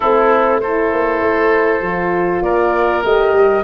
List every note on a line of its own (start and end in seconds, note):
0.00 0.92 A3
0.00 0.62 C4
0.00 0.60 E4
0.00 0.59 A4
0.60 1.83 E4
0.60 2.44 A4
0.60 2.42 C5
0.92 1.20 A#3
1.20 1.80 A3
1.80 2.41 F3
1.80 3.03 F4
2.42 3.02 A#3
2.42 3.64 A#4
2.42 3.02 D5
3.03 3.33 A3
3.03 3.64 G4
3.03 3.64 D#5
3.33 3.63 G3